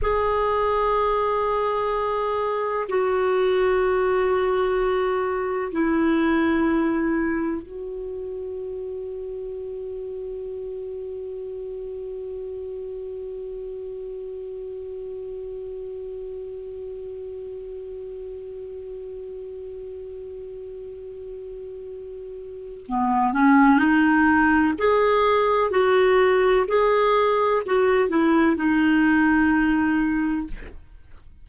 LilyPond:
\new Staff \with { instrumentName = "clarinet" } { \time 4/4 \tempo 4 = 63 gis'2. fis'4~ | fis'2 e'2 | fis'1~ | fis'1~ |
fis'1~ | fis'1 | b8 cis'8 dis'4 gis'4 fis'4 | gis'4 fis'8 e'8 dis'2 | }